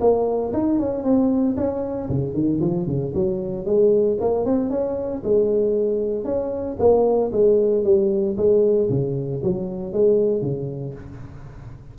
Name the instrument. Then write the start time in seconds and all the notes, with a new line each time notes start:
tuba
0.00 A#3
0.53 D#4
0.79 C#4
1.03 C4
1.56 C#4
2.09 C#3
2.34 D#3
2.60 F3
2.86 C#3
3.14 F#3
3.65 G#3
4.20 A#3
4.45 C4
4.70 C#4
5.23 G#3
6.24 C#4
6.79 A#3
7.32 G#3
7.84 G3
8.37 G#3
8.89 C#3
9.43 F#3
9.93 G#3
10.41 C#3